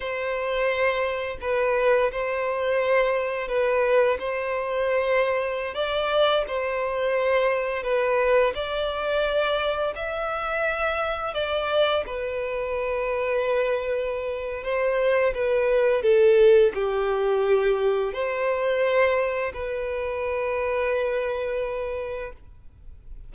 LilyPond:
\new Staff \with { instrumentName = "violin" } { \time 4/4 \tempo 4 = 86 c''2 b'4 c''4~ | c''4 b'4 c''2~ | c''16 d''4 c''2 b'8.~ | b'16 d''2 e''4.~ e''16~ |
e''16 d''4 b'2~ b'8.~ | b'4 c''4 b'4 a'4 | g'2 c''2 | b'1 | }